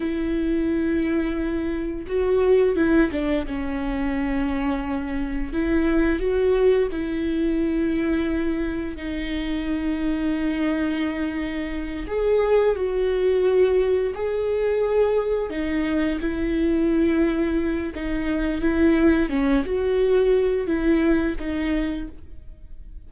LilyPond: \new Staff \with { instrumentName = "viola" } { \time 4/4 \tempo 4 = 87 e'2. fis'4 | e'8 d'8 cis'2. | e'4 fis'4 e'2~ | e'4 dis'2.~ |
dis'4. gis'4 fis'4.~ | fis'8 gis'2 dis'4 e'8~ | e'2 dis'4 e'4 | cis'8 fis'4. e'4 dis'4 | }